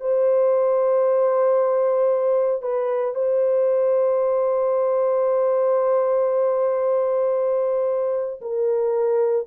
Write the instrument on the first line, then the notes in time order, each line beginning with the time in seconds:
horn
0.00 C5
2.62 B4
3.14 C5
8.41 A#4